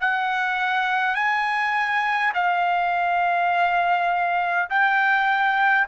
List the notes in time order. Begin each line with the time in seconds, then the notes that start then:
0.00 F#5
1.14 G#5
2.34 F5
4.70 G5